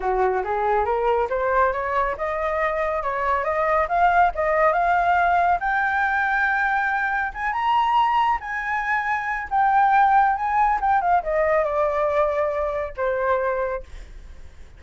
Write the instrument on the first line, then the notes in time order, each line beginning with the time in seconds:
flute
0.00 F#4
0.44 G#4
0.85 A#4
1.29 C5
1.72 C#5
2.17 D#5
3.02 C#5
3.44 D#5
3.88 F5
4.34 D#5
4.72 F5
5.60 G5
7.34 G#5
7.52 A#5
8.40 G#5
9.50 G5
10.36 G#5
10.80 G5
11.01 F5
11.23 D#5
11.64 D5
12.96 C5